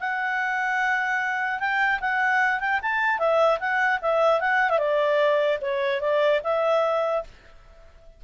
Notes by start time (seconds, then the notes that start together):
0.00 F#5
1.60 G5
2.01 F#5
2.61 G5
2.82 A5
3.19 E5
3.60 F#5
4.02 E5
4.41 F#5
4.70 E5
4.79 D5
5.61 C#5
6.01 D5
6.44 E5